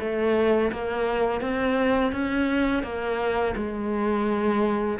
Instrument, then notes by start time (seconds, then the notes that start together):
cello
0.00 A3
0.72 A#3
1.41 C4
2.12 C#4
2.83 A#3
3.56 G#3